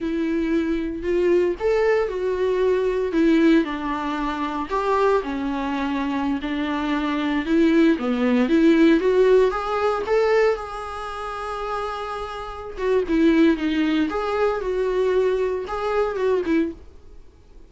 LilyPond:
\new Staff \with { instrumentName = "viola" } { \time 4/4 \tempo 4 = 115 e'2 f'4 a'4 | fis'2 e'4 d'4~ | d'4 g'4 cis'2~ | cis'16 d'2 e'4 b8.~ |
b16 e'4 fis'4 gis'4 a'8.~ | a'16 gis'2.~ gis'8.~ | gis'8 fis'8 e'4 dis'4 gis'4 | fis'2 gis'4 fis'8 e'8 | }